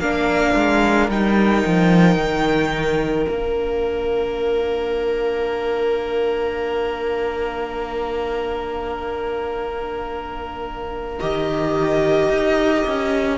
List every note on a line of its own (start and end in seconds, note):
0.00 0.55 A#3
0.00 1.11 D4
0.00 13.36 A#4
0.00 1.10 F5
0.55 1.09 G#3
1.09 1.64 G3
1.09 3.30 D#4
1.09 3.28 G5
1.66 2.17 F3
2.17 3.26 D#3
3.28 11.20 A#3
3.28 11.20 D4
3.28 11.19 F5
11.20 12.29 D#3
11.20 13.38 G4
11.20 13.38 D#5
12.29 12.84 D#4
12.87 13.38 C#4